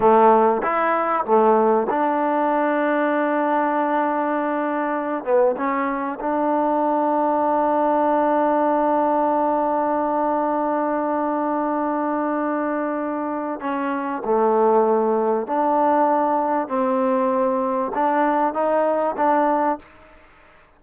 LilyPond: \new Staff \with { instrumentName = "trombone" } { \time 4/4 \tempo 4 = 97 a4 e'4 a4 d'4~ | d'1~ | d'8 b8 cis'4 d'2~ | d'1~ |
d'1~ | d'2 cis'4 a4~ | a4 d'2 c'4~ | c'4 d'4 dis'4 d'4 | }